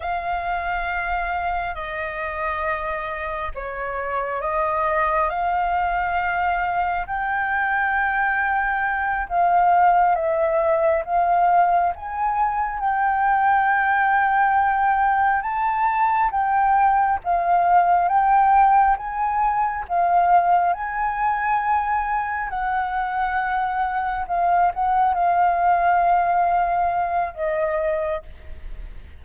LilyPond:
\new Staff \with { instrumentName = "flute" } { \time 4/4 \tempo 4 = 68 f''2 dis''2 | cis''4 dis''4 f''2 | g''2~ g''8 f''4 e''8~ | e''8 f''4 gis''4 g''4.~ |
g''4. a''4 g''4 f''8~ | f''8 g''4 gis''4 f''4 gis''8~ | gis''4. fis''2 f''8 | fis''8 f''2~ f''8 dis''4 | }